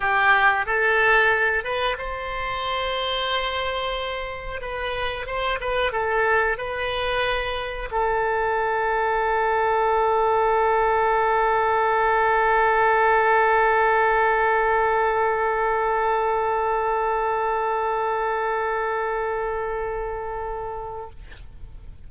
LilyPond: \new Staff \with { instrumentName = "oboe" } { \time 4/4 \tempo 4 = 91 g'4 a'4. b'8 c''4~ | c''2. b'4 | c''8 b'8 a'4 b'2 | a'1~ |
a'1~ | a'1~ | a'1~ | a'1 | }